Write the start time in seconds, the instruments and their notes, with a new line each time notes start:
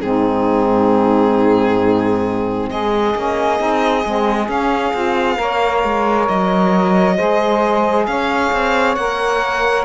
0.00 cello G#2, saxophone C4 D#4, violin G#4
2.69 cello G#3, saxophone G#4, violin D#5
3.13 cello A#3, saxophone C#4
3.58 cello C4, saxophone D#4
4.04 cello G#3, saxophone C4
4.46 saxophone C#4, cello C#4, violin F5
4.93 cello C4, saxophone F4
5.36 cello A#3, saxophone A#4 C#5
5.83 cello G#3
6.28 cello F#3, violin D#5
7.16 cello G#3, saxophone G#4 C5
8.06 cello C#4, saxophone C#5, violin F5
8.52 cello C4
8.95 cello A#3, saxophone A#4, violin F#5